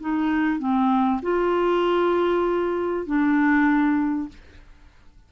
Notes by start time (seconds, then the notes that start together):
0.00 D#4
0.59 C4
1.22 F4
3.06 D4